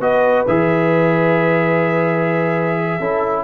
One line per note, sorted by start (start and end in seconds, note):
0.00 0.46 B3
0.00 0.47 F#4
0.00 2.99 B4
0.00 0.47 D#5
0.47 3.00 E3
0.47 3.00 G#4
0.47 3.44 E5
2.99 3.44 C#4
2.99 3.44 E4
2.99 3.44 A4